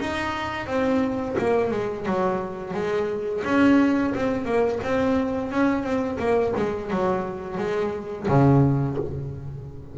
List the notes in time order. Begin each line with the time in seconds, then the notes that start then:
0.00 D#4
0.67 C4
1.38 A#3
1.71 G#3
2.06 F#3
2.74 G#3
3.45 C#4
4.15 C4
4.45 A#3
4.83 C4
5.51 C#4
5.83 C4
6.19 A#3
6.57 G#3
6.91 F#3
7.58 G#3
8.28 C#3